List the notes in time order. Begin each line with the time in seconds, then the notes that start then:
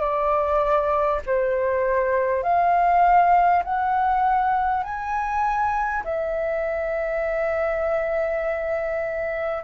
0.00 D5
1.26 C5
2.43 F5
3.64 F#5
4.83 G#5
6.04 E5